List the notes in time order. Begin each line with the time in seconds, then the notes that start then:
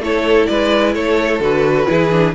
0.00 A3 E4 A4 C#5
0.47 G#3 B4 D5
0.95 A3 A4 C#5
1.40 D3 F#4 B4
1.87 E3 E4 G#4
2.12 D4